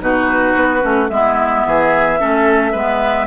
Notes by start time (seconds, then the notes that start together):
0.00 B2 D#4 F#4 B4
0.56 B3
0.81 A3 C#4
1.09 G#3 B3 E4 E5
1.66 E3 G#4
2.19 A3 C#4 A4
2.72 G#3 B3 B4